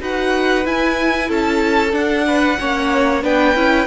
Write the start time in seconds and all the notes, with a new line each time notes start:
0.00 D#4 F#4 B4 F#5
0.66 E4 G#5
1.28 C#4 A4 A5
1.92 D4 F#5
2.28 B4
2.60 A#3 C#4 C#5
3.23 B3 D4 B4 G5
3.55 C#4 E4